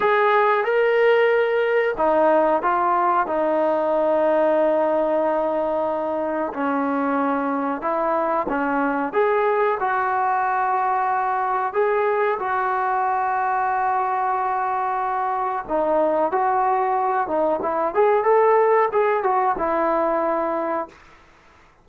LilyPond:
\new Staff \with { instrumentName = "trombone" } { \time 4/4 \tempo 4 = 92 gis'4 ais'2 dis'4 | f'4 dis'2.~ | dis'2 cis'2 | e'4 cis'4 gis'4 fis'4~ |
fis'2 gis'4 fis'4~ | fis'1 | dis'4 fis'4. dis'8 e'8 gis'8 | a'4 gis'8 fis'8 e'2 | }